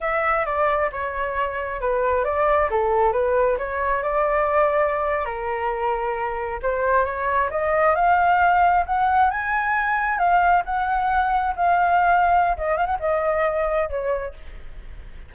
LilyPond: \new Staff \with { instrumentName = "flute" } { \time 4/4 \tempo 4 = 134 e''4 d''4 cis''2 | b'4 d''4 a'4 b'4 | cis''4 d''2~ d''8. ais'16~ | ais'2~ ais'8. c''4 cis''16~ |
cis''8. dis''4 f''2 fis''16~ | fis''8. gis''2 f''4 fis''16~ | fis''4.~ fis''16 f''2~ f''16 | dis''8 f''16 fis''16 dis''2 cis''4 | }